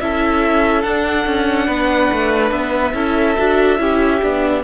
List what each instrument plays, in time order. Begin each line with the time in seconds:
0.00 cello C#4, viola E4, violin A4 E5
0.82 cello D4, viola D4, violin F#5
1.26 cello C#4
1.67 cello B3, violin B4
2.11 cello A3
2.51 cello B3, violin E5
2.93 cello C#4, viola E4, violin A4
3.37 cello D4, viola F#4
3.78 cello C#4, viola E4, violin G4
4.21 cello B3, viola D4